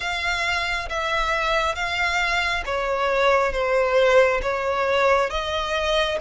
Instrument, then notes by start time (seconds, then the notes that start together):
violin
0.00 F5
0.89 E5
1.75 F5
2.65 C#5
3.52 C5
4.42 C#5
5.29 D#5